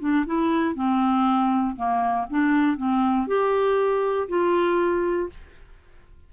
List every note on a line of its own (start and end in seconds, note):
0.00 0.25 D4
0.26 0.75 E4
0.75 1.76 C4
1.76 2.26 A#3
2.30 2.77 D4
2.77 3.27 C4
3.27 4.28 G4
4.28 5.29 F4